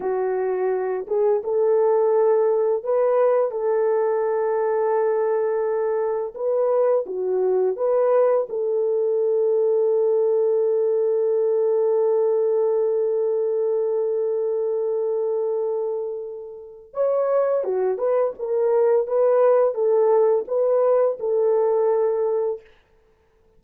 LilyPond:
\new Staff \with { instrumentName = "horn" } { \time 4/4 \tempo 4 = 85 fis'4. gis'8 a'2 | b'4 a'2.~ | a'4 b'4 fis'4 b'4 | a'1~ |
a'1~ | a'1 | cis''4 fis'8 b'8 ais'4 b'4 | a'4 b'4 a'2 | }